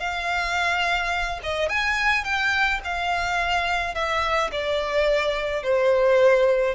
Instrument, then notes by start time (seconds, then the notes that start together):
violin
0.00 F5
1.43 D#5
1.69 G#5
2.25 G5
2.84 F5
3.95 E5
4.52 D5
5.63 C5